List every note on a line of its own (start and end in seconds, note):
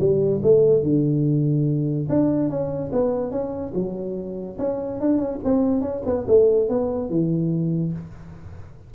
0.00 0.42 G3
0.43 0.83 A3
0.83 2.08 D3
2.10 2.50 D4
2.50 2.92 C#4
2.93 3.32 B3
3.32 3.73 C#4
3.75 4.58 F#3
4.59 5.01 C#4
5.01 5.18 D4
5.18 5.39 C#4
5.44 5.82 C4
5.82 6.02 C#4
6.06 6.27 B3
6.28 6.69 A3
6.69 7.10 B3
7.10 7.93 E3